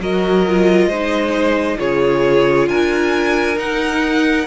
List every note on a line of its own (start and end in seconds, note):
0.00 0.86 F#3
0.00 0.45 F#4
0.00 0.88 A#4
0.00 1.80 D#5
0.47 0.92 F4
0.86 1.76 G#3
0.86 1.78 D#4
0.86 1.78 C5
1.78 2.68 C#3
1.78 3.56 F4
1.78 2.69 G#4
1.78 2.68 C#5
2.68 3.57 D4
2.68 4.47 A#4
2.68 3.58 G#5
3.56 4.45 D#4
3.56 4.47 D#4
3.56 4.47 F#5